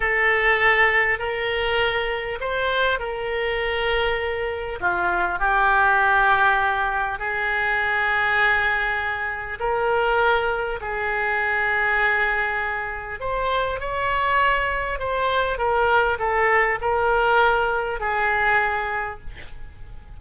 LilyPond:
\new Staff \with { instrumentName = "oboe" } { \time 4/4 \tempo 4 = 100 a'2 ais'2 | c''4 ais'2. | f'4 g'2. | gis'1 |
ais'2 gis'2~ | gis'2 c''4 cis''4~ | cis''4 c''4 ais'4 a'4 | ais'2 gis'2 | }